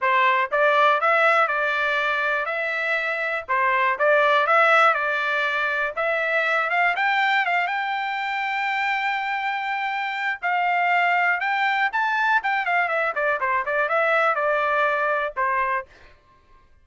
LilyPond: \new Staff \with { instrumentName = "trumpet" } { \time 4/4 \tempo 4 = 121 c''4 d''4 e''4 d''4~ | d''4 e''2 c''4 | d''4 e''4 d''2 | e''4. f''8 g''4 f''8 g''8~ |
g''1~ | g''4 f''2 g''4 | a''4 g''8 f''8 e''8 d''8 c''8 d''8 | e''4 d''2 c''4 | }